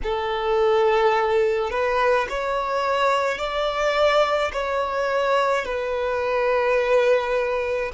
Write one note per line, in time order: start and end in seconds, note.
0.03 1.70 A4
1.70 2.26 B4
2.29 3.38 C#5
3.38 4.51 D5
4.52 5.65 C#5
5.65 7.91 B4